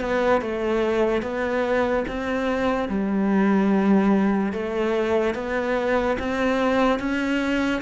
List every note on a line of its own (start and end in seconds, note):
0.00 0.41 B3
0.41 1.22 A3
1.22 2.04 B3
2.07 2.88 C4
2.88 4.52 G3
4.52 5.35 A3
5.35 6.17 B3
6.19 6.99 C4
6.99 7.81 C#4